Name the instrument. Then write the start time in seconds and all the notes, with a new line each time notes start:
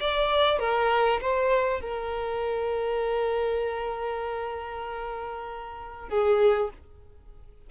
violin
0.00 D5
0.59 A#4
1.21 C5
1.80 A#4
6.09 G#4